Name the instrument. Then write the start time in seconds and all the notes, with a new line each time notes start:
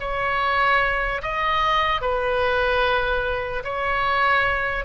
oboe
0.00 C#5
1.22 D#5
2.01 B4
3.64 C#5